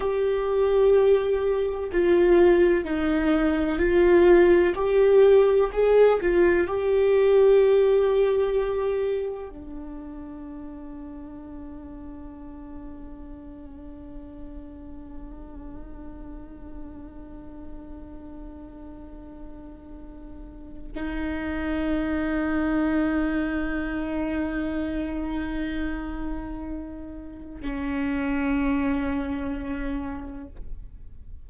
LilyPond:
\new Staff \with { instrumentName = "viola" } { \time 4/4 \tempo 4 = 63 g'2 f'4 dis'4 | f'4 g'4 gis'8 f'8 g'4~ | g'2 d'2~ | d'1~ |
d'1~ | d'2 dis'2~ | dis'1~ | dis'4 cis'2. | }